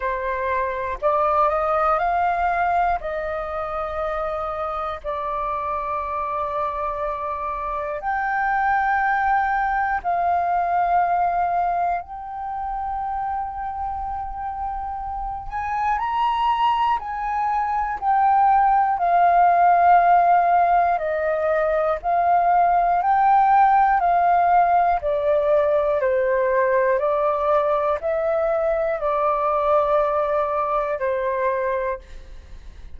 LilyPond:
\new Staff \with { instrumentName = "flute" } { \time 4/4 \tempo 4 = 60 c''4 d''8 dis''8 f''4 dis''4~ | dis''4 d''2. | g''2 f''2 | g''2.~ g''8 gis''8 |
ais''4 gis''4 g''4 f''4~ | f''4 dis''4 f''4 g''4 | f''4 d''4 c''4 d''4 | e''4 d''2 c''4 | }